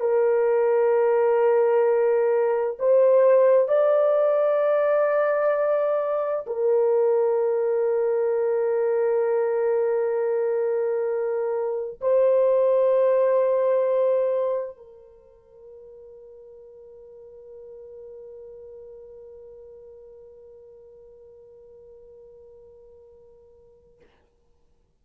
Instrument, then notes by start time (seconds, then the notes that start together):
horn
0.00 A#4
2.79 C5
3.68 D5
6.46 A#4
12.00 C5
14.77 A#4